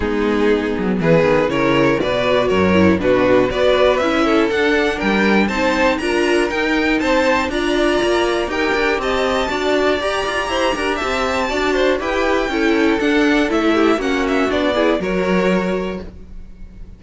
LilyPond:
<<
  \new Staff \with { instrumentName = "violin" } { \time 4/4 \tempo 4 = 120 gis'2 b'4 cis''4 | d''4 cis''4 b'4 d''4 | e''4 fis''4 g''4 a''4 | ais''4 g''4 a''4 ais''4~ |
ais''4 g''4 a''2 | ais''2 a''2 | g''2 fis''4 e''4 | fis''8 e''8 d''4 cis''2 | }
  \new Staff \with { instrumentName = "violin" } { \time 4/4 dis'2 gis'4 ais'4 | b'4 ais'4 fis'4 b'4~ | b'8 a'4. ais'4 c''4 | ais'2 c''4 d''4~ |
d''4 ais'4 dis''4 d''4~ | d''4 c''8 ais'8 e''4 d''8 c''8 | b'4 a'2~ a'8 g'8 | fis'4. gis'8 ais'2 | }
  \new Staff \with { instrumentName = "viola" } { \time 4/4 b2. e'4 | fis'4. e'8 d'4 fis'4 | e'4 d'2 dis'4 | f'4 dis'2 f'4~ |
f'4 g'2 fis'4 | g'2. fis'4 | g'4 e'4 d'4 e'4 | cis'4 d'8 e'8 fis'2 | }
  \new Staff \with { instrumentName = "cello" } { \time 4/4 gis4. fis8 e8 dis8 cis4 | b,4 fis,4 b,4 b4 | cis'4 d'4 g4 c'4 | d'4 dis'4 c'4 d'4 |
ais4 dis'8 d'8 c'4 d'4 | g'8 f'8 e'8 d'8 c'4 d'4 | e'4 cis'4 d'4 a4 | ais4 b4 fis2 | }
>>